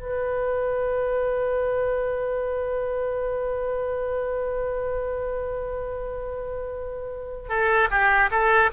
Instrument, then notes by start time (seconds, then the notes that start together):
oboe
0.00 B4
7.50 A4
7.91 G4
8.31 A4